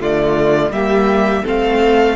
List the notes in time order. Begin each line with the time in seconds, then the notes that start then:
0.00 D3 A3 F4 D5
0.71 G3 A#3 G4 E5
1.44 A3 C4 A4 F5